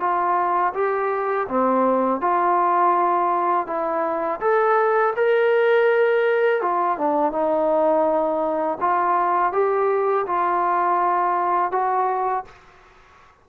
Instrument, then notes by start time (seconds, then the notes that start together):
trombone
0.00 F4
0.74 G4
1.48 C4
2.21 F4
3.67 E4
4.40 A4
5.16 A#4
6.61 F4
6.98 D4
7.32 D#4
8.80 F4
9.52 G4
10.26 F4
11.71 F#4